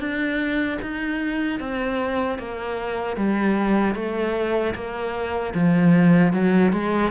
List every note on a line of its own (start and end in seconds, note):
0.00 0.79 D4
0.82 1.60 D#4
1.60 2.39 C4
2.39 3.17 A#3
3.17 3.95 G3
3.95 4.74 A3
4.75 5.54 A#3
5.55 6.33 F3
6.33 6.73 F#3
6.73 7.12 G#3